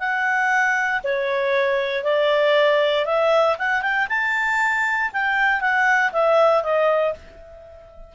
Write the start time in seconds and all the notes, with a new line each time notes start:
0.00 F#5
1.04 C#5
2.04 D5
3.06 E5
3.58 F#5
3.82 G5
4.10 A5
5.13 G5
5.61 F#5
6.12 E5
6.64 D#5